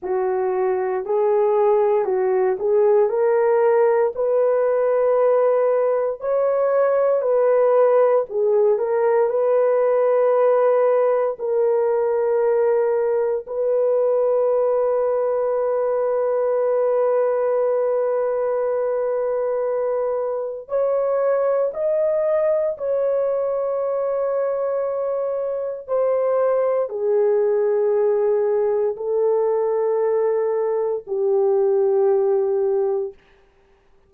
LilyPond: \new Staff \with { instrumentName = "horn" } { \time 4/4 \tempo 4 = 58 fis'4 gis'4 fis'8 gis'8 ais'4 | b'2 cis''4 b'4 | gis'8 ais'8 b'2 ais'4~ | ais'4 b'2.~ |
b'1 | cis''4 dis''4 cis''2~ | cis''4 c''4 gis'2 | a'2 g'2 | }